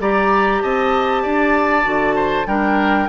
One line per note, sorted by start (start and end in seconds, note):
0.00 0.62 G3
0.00 1.83 G4
0.00 0.63 D5
0.00 0.62 A#5
0.62 1.26 C4
0.62 1.23 D#5
0.62 2.48 A5
1.23 1.87 D4
1.23 2.16 D5
1.83 2.47 D3
1.83 2.45 F#4
2.16 2.47 C5
2.47 3.09 G3
2.47 3.09 D4
2.47 3.09 A#4
2.47 3.09 G5